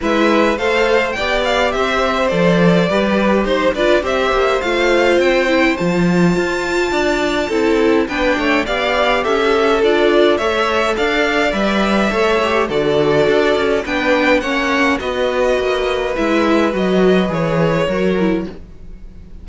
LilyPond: <<
  \new Staff \with { instrumentName = "violin" } { \time 4/4 \tempo 4 = 104 e''4 f''4 g''8 f''8 e''4 | d''2 c''8 d''8 e''4 | f''4 g''4 a''2~ | a''2 g''4 f''4 |
e''4 d''4 e''4 f''4 | e''2 d''2 | g''4 fis''4 dis''2 | e''4 dis''4 cis''2 | }
  \new Staff \with { instrumentName = "violin" } { \time 4/4 b'4 c''4 d''4 c''4~ | c''4 b'4 c''8 b'8 c''4~ | c''1 | d''4 a'4 b'8 cis''8 d''4 |
a'2 cis''4 d''4~ | d''4 cis''4 a'2 | b'4 cis''4 b'2~ | b'2. ais'4 | }
  \new Staff \with { instrumentName = "viola" } { \time 4/4 e'4 a'4 g'2 | a'4 g'4. f'8 g'4 | f'4. e'8 f'2~ | f'4 e'4 d'4 g'4~ |
g'4 f'4 a'2 | b'4 a'8 g'8 fis'2 | d'4 cis'4 fis'2 | e'4 fis'4 gis'4 fis'8 e'8 | }
  \new Staff \with { instrumentName = "cello" } { \time 4/4 gis4 a4 b4 c'4 | f4 g4 dis'8 d'8 c'8 ais8 | a4 c'4 f4 f'4 | d'4 c'4 b8 a8 b4 |
cis'4 d'4 a4 d'4 | g4 a4 d4 d'8 cis'8 | b4 ais4 b4 ais4 | gis4 fis4 e4 fis4 | }
>>